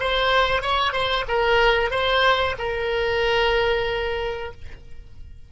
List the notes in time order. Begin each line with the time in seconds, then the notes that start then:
0.00 C5
0.62 C#5
0.92 C5
1.28 A#4
1.91 C5
2.58 A#4